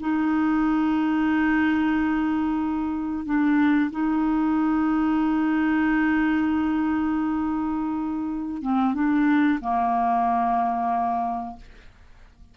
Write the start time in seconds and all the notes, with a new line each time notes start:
0.00 D#4
3.25 D4
3.91 D#4
8.62 C4
8.94 D4
9.61 A#3